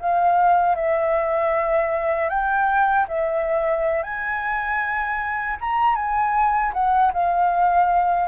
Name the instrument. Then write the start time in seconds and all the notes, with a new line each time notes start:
flute
0.00 F5
0.76 E5
2.29 G5
3.08 E5
4.03 G#5
5.61 A#5
5.95 G#5
6.74 F#5
7.13 F5